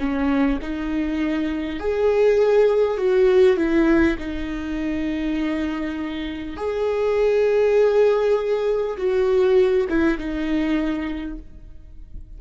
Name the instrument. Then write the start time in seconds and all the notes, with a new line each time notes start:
viola
0.00 C#4
0.62 D#4
1.80 G#4
2.98 F#4
3.57 E4
4.19 D#4
6.57 G#4
8.98 F#4
9.89 E4
10.19 D#4